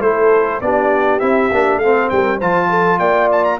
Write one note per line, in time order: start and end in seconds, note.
0.00 0.59 A3
0.00 0.62 E4
0.00 0.63 A4
0.00 0.61 C5
0.61 1.21 B3
0.61 1.20 D4
0.61 1.82 G4
0.61 1.20 D5
1.20 1.51 C4
1.20 1.50 E4
1.20 1.79 E5
1.52 1.77 A#3
1.52 1.83 D4
1.77 2.07 A3
1.77 2.12 A4
1.77 2.09 F5
1.83 2.41 C4
2.09 2.41 G3
2.09 2.37 A#4
2.09 2.39 G5
2.37 3.00 F3
2.37 3.59 F4
2.37 2.67 C5
2.37 2.99 A5
2.70 2.99 A4
2.99 3.59 A#3
2.99 3.59 D5
2.99 3.29 G5
3.32 3.44 A5
3.44 3.59 A#5